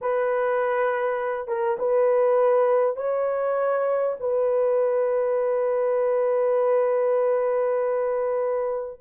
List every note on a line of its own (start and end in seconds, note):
0.01 1.47 B4
1.47 1.77 A#4
1.78 2.96 B4
2.96 4.16 C#5
4.19 8.99 B4